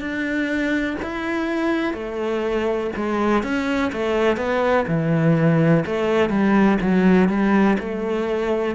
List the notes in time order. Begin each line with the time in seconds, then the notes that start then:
0.00 D4
1.02 E4
1.94 A3
2.96 G#3
3.43 C#4
3.92 A3
4.36 B3
4.87 E3
5.85 A3
6.29 G3
6.80 F#3
7.28 G3
7.79 A3